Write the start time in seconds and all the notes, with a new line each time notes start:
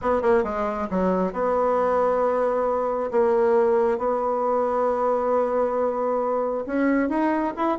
0.01 B3
0.22 A#3
0.43 G#3
0.90 F#3
1.33 B3
3.11 A#3
3.98 B3
6.66 C#4
7.09 D#4
7.56 E4